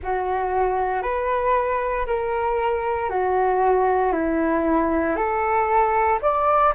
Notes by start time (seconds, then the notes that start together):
0.03 F#4
1.02 B4
2.06 A#4
3.09 F#4
4.12 E4
5.15 A4
6.22 D5